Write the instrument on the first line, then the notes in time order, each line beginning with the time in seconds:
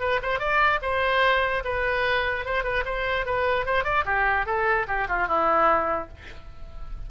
oboe
0.00 B4
0.22 C5
0.39 D5
0.82 C5
1.65 B4
2.45 C5
2.64 B4
2.85 C5
3.25 B4
3.65 C5
3.84 D5
4.05 G4
4.46 A4
4.87 G4
5.08 F4
5.27 E4